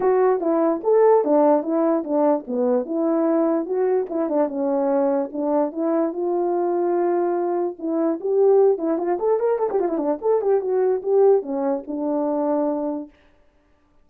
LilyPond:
\new Staff \with { instrumentName = "horn" } { \time 4/4 \tempo 4 = 147 fis'4 e'4 a'4 d'4 | e'4 d'4 b4 e'4~ | e'4 fis'4 e'8 d'8 cis'4~ | cis'4 d'4 e'4 f'4~ |
f'2. e'4 | g'4. e'8 f'8 a'8 ais'8 a'16 g'16 | f'16 e'16 d'8 a'8 g'8 fis'4 g'4 | cis'4 d'2. | }